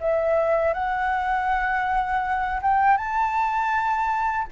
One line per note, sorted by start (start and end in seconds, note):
0.00 0.73 E5
0.73 2.60 F#5
2.61 2.97 G5
2.97 4.47 A5